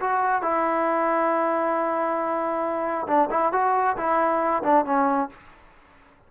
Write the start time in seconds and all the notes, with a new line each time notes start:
0.00 F#4
0.42 E4
3.07 D4
3.30 E4
3.52 F#4
3.97 E4
4.63 D4
4.85 C#4